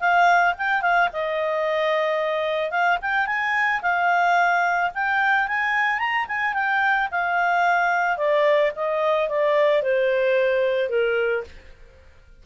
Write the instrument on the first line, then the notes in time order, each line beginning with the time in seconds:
clarinet
0.00 F5
0.58 G5
0.82 F5
1.13 D#5
2.71 F5
3.02 G5
3.27 G#5
3.82 F5
4.94 G5
5.48 G#5
5.99 A#5
6.28 G#5
6.54 G5
7.11 F5
8.17 D5
8.76 D#5
9.29 D5
9.82 C5
10.89 A#4